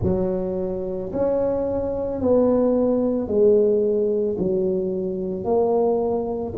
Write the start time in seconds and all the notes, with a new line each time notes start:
0.02 F#3
1.12 C#4
2.21 B3
3.27 G#3
4.38 F#3
5.44 A#3